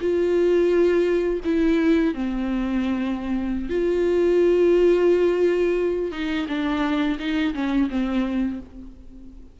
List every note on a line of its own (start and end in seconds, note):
0.00 1.40 F4
1.44 2.14 E4
2.14 3.69 C4
3.69 6.11 F4
6.11 6.46 D#4
6.48 7.18 D4
7.19 7.53 D#4
7.54 7.89 C#4
7.90 8.59 C4